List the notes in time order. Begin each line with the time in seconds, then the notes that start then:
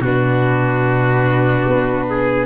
0.00 B2 D4 F#4 B4
1.68 B3
2.10 G#4